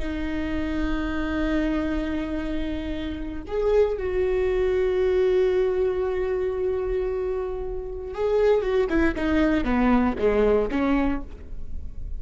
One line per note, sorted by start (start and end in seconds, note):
0.00 3.43 D#4
3.47 3.98 G#4
3.98 8.14 F#4
8.14 8.62 G#4
8.62 8.88 F#4
8.90 9.15 E4
9.16 9.65 D#4
9.65 10.16 B3
10.19 10.70 G#3
10.71 11.22 C#4